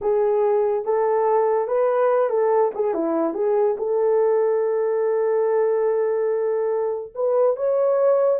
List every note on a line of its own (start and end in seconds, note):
0.01 0.84 G#4
0.84 1.67 A4
1.67 2.29 B4
2.29 2.71 A4
2.74 2.94 G#4
2.94 3.34 E4
3.34 3.76 G#4
3.77 7.13 A4
7.14 7.56 B4
7.56 8.40 C#5